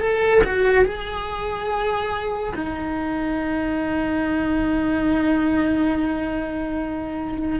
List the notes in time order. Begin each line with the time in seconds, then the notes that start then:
0.00 A4
0.44 F#4
0.85 G#4
2.55 D#4